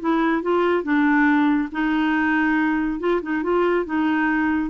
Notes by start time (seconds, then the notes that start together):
0.00 E4
0.42 F4
0.83 D4
1.72 D#4
2.99 F4
3.22 D#4
3.43 F4
3.85 D#4